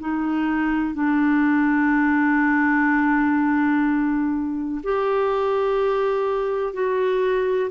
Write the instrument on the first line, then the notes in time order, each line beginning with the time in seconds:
clarinet
0.00 D#4
0.94 D4
4.83 G4
6.73 F#4